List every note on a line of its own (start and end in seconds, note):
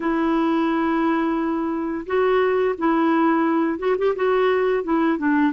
0.00 2.05 E4
2.06 2.75 F#4
2.77 3.78 E4
3.78 3.96 F#4
3.97 4.15 G4
4.15 4.83 F#4
4.83 5.18 E4
5.18 5.52 D4